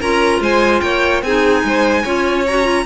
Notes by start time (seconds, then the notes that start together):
0.00 C#4 F4 A#4 A#5
0.41 G#3 C5 G#5
0.81 A#3 C#5 G5
1.23 C4 D#4 G#4 G#5
1.64 G#3 C5
2.03 C#4 F4 C#5
2.47 F#4 A#5
2.64 F4